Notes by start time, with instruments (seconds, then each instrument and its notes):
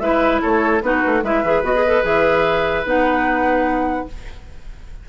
0.00 bassoon G#3, clarinet E4, oboe B4, flute E5
0.42 bassoon A3, oboe A4, flute C#5
0.82 bassoon B3, clarinet D#4, oboe F#4, flute B4
1.07 bassoon A3
1.23 bassoon G#3, clarinet E4, oboe B4, flute E5
1.43 bassoon E3, clarinet G#4
1.63 bassoon B3, clarinet F#4, flute D#5
1.75 clarinet G#4
1.87 clarinet A4
2.03 bassoon E3, clarinet G#4, flute E5
2.85 bassoon B3, clarinet D#4, flute F#5